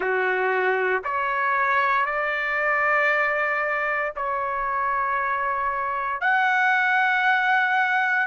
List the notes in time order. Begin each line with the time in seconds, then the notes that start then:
0.00 F#4
1.03 C#5
2.05 D5
4.16 C#5
6.20 F#5